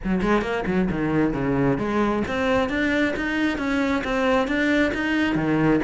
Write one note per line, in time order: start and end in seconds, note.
0.03 0.21 F#3
0.21 0.41 G#3
0.41 0.64 A#3
0.66 0.88 F#3
0.90 1.33 D#3
1.33 1.77 C#3
1.77 2.22 G#3
2.27 2.69 C4
2.69 3.13 D4
3.16 3.58 D#4
3.58 4.02 C#4
4.04 4.47 C4
4.47 4.92 D4
4.94 5.35 D#4
5.35 5.79 D#3